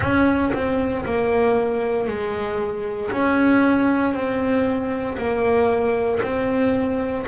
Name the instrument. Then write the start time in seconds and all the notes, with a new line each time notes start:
double bass
0.00 C#4
0.53 C4
1.05 A#3
2.07 G#3
3.11 C#4
4.13 C4
5.17 A#3
6.22 C4